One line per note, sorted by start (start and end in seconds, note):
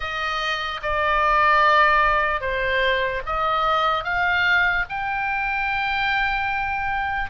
0.00 0.80 D#5
0.82 2.41 D5
2.41 3.22 C5
3.26 4.04 D#5
4.04 4.85 F5
4.89 7.30 G5